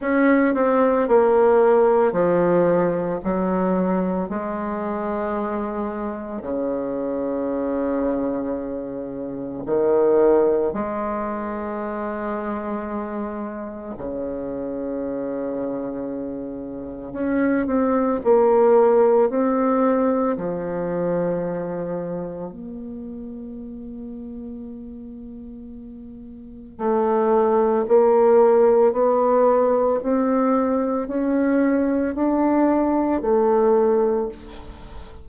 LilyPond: \new Staff \with { instrumentName = "bassoon" } { \time 4/4 \tempo 4 = 56 cis'8 c'8 ais4 f4 fis4 | gis2 cis2~ | cis4 dis4 gis2~ | gis4 cis2. |
cis'8 c'8 ais4 c'4 f4~ | f4 ais2.~ | ais4 a4 ais4 b4 | c'4 cis'4 d'4 a4 | }